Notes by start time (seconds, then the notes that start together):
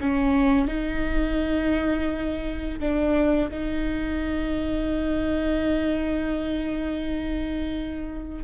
0.00 C#4
0.67 D#4
2.79 D4
3.51 D#4